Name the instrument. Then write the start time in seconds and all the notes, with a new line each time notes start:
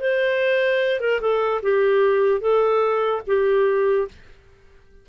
clarinet
0.00 C5
1.00 A#4
1.21 A4
1.62 G4
2.41 A4
3.27 G4